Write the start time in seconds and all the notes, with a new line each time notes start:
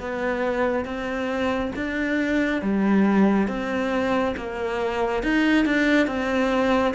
0.00 B3
0.85 C4
1.76 D4
2.62 G3
3.48 C4
4.37 A#3
5.23 D#4
5.66 D4
6.07 C4